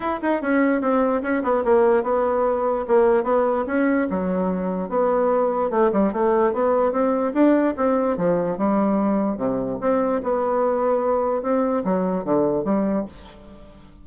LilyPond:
\new Staff \with { instrumentName = "bassoon" } { \time 4/4 \tempo 4 = 147 e'8 dis'8 cis'4 c'4 cis'8 b8 | ais4 b2 ais4 | b4 cis'4 fis2 | b2 a8 g8 a4 |
b4 c'4 d'4 c'4 | f4 g2 c4 | c'4 b2. | c'4 fis4 d4 g4 | }